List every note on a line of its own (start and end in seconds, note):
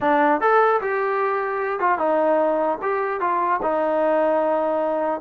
0.01 0.40 D4
0.40 0.80 A4
0.81 1.79 G4
1.79 1.98 F4
1.98 2.78 D#4
2.82 3.20 G4
3.20 3.60 F4
3.62 5.20 D#4